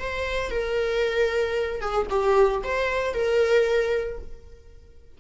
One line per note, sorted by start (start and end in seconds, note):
0.00 0.51 C5
0.51 1.81 A#4
1.81 2.07 G#4
2.10 2.62 G4
2.63 3.14 C5
3.14 4.19 A#4